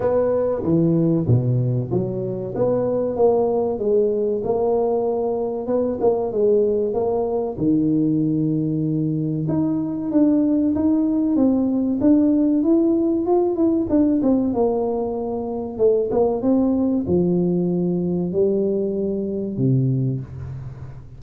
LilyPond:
\new Staff \with { instrumentName = "tuba" } { \time 4/4 \tempo 4 = 95 b4 e4 b,4 fis4 | b4 ais4 gis4 ais4~ | ais4 b8 ais8 gis4 ais4 | dis2. dis'4 |
d'4 dis'4 c'4 d'4 | e'4 f'8 e'8 d'8 c'8 ais4~ | ais4 a8 ais8 c'4 f4~ | f4 g2 c4 | }